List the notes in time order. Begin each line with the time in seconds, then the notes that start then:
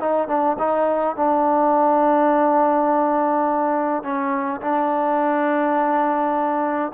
0.00 D#4
0.28 D4
0.59 D#4
1.16 D4
4.03 C#4
4.61 D4